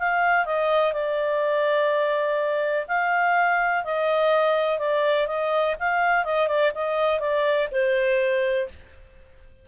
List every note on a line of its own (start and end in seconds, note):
0.00 0.46 F5
0.46 0.93 D#5
0.93 2.87 D5
2.88 3.85 F5
3.85 4.79 D#5
4.79 5.27 D5
5.27 5.76 D#5
5.80 6.25 F5
6.25 6.48 D#5
6.48 6.72 D5
6.75 7.20 D#5
7.20 7.69 D5
7.72 8.69 C5